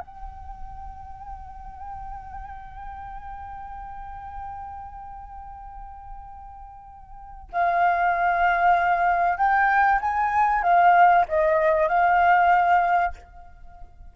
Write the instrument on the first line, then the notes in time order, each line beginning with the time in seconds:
flute
0.00 G5
7.52 F5
9.38 G5
10.01 G#5
10.63 F5
11.28 D#5
11.89 F5